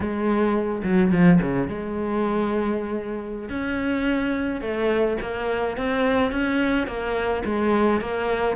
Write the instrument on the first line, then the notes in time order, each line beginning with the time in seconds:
cello
0.00 G#3
0.83 F#3
1.11 F3
1.41 C#3
1.67 G#3
3.49 C#4
4.61 A3
5.21 A#3
5.77 C4
6.31 C#4
6.87 A#3
7.45 G#3
8.01 A#3